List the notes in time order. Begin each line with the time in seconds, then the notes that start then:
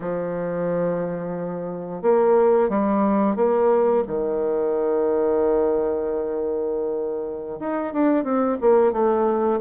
0.00 F3
2.02 A#3
2.69 G3
3.36 A#3
4.07 D#3
7.59 D#4
7.93 D4
8.23 C4
8.60 A#3
8.92 A3